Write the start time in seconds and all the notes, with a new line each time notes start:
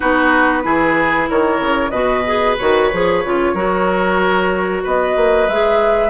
0.00 B3 D#4 F#4 B4
0.62 E3 E4 G#4
1.29 D#3 A#4 C#5
1.60 C#3
1.90 B2 F#4 B4 D#5
2.26 G#4
2.58 D#3 F#4 C#5
2.92 F3 G#4
3.24 C#3 F4
3.53 F#3 F#4 A#4
4.83 B3 B4 D#5
5.15 A#3
5.48 G#3 G#4 E5